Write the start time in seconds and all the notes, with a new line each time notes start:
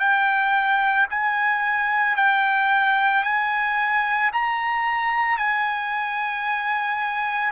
0.00 G5
1.11 G#5
2.17 G5
3.24 G#5
4.33 A#5
5.38 G#5